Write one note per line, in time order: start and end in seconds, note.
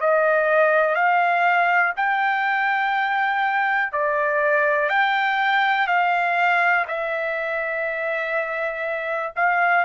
0.00 0.95 D#5
0.95 1.93 F5
1.96 3.92 G5
3.92 4.89 D5
4.89 5.87 G5
5.87 6.85 F5
6.87 9.33 E5
9.36 9.85 F5